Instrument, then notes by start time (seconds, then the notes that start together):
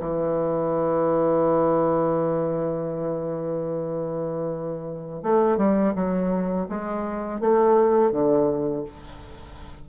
bassoon
0.00 E3
5.23 A3
5.58 G3
5.95 F#3
6.69 G#3
7.41 A3
8.12 D3